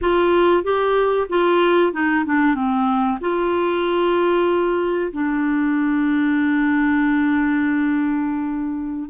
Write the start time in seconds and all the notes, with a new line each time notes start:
0.01 F4
0.63 G4
1.29 F4
1.93 D#4
2.25 D4
2.54 C4
3.20 F4
5.12 D4